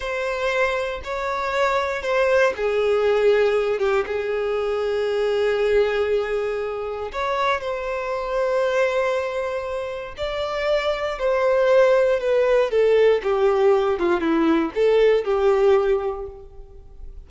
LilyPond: \new Staff \with { instrumentName = "violin" } { \time 4/4 \tempo 4 = 118 c''2 cis''2 | c''4 gis'2~ gis'8 g'8 | gis'1~ | gis'2 cis''4 c''4~ |
c''1 | d''2 c''2 | b'4 a'4 g'4. f'8 | e'4 a'4 g'2 | }